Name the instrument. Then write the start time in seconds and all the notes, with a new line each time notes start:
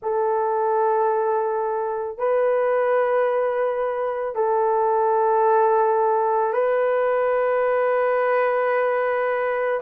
horn
0.02 A4
2.18 B4
4.35 A4
6.53 B4